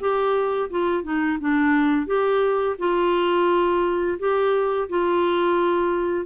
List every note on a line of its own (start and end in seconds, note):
0.00 0.70 G4
0.70 1.03 F4
1.03 1.38 D#4
1.40 2.06 D4
2.06 2.76 G4
2.78 4.18 F4
4.19 4.89 G4
4.89 6.25 F4